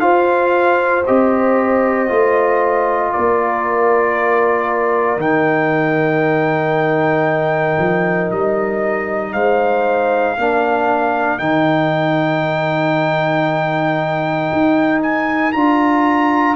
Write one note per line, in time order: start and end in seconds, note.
0.00 1.04 F4
0.00 1.05 F4
0.00 3.12 C5
0.00 1.03 F5
1.06 2.10 C4
1.06 2.08 G4
1.06 3.12 D#5
2.08 3.13 A3
2.08 5.18 F4
3.12 5.17 A#3
3.12 9.33 A#4
3.12 5.19 D5
5.17 7.75 D#3
5.17 10.37 D#4
5.17 8.31 G5
7.78 8.30 F3
8.31 9.33 G3
8.31 9.33 D#5
9.33 10.37 G#3
9.33 10.36 C5
9.33 11.38 F5
10.36 11.40 A#3
10.36 11.39 D4
10.36 16.56 A#4
11.38 14.50 D#3
11.38 15.53 D#4
11.38 15.00 G5
14.52 15.54 D#4
15.02 15.52 G#5
15.52 16.56 D4
15.52 16.56 F4
15.52 16.55 A#5